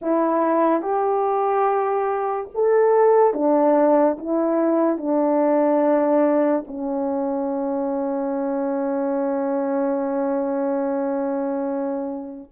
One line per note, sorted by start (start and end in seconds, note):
0.01 0.81 E4
0.81 2.48 G4
2.54 3.33 A4
3.33 4.17 D4
4.18 4.97 E4
4.97 6.64 D4
6.67 12.50 C#4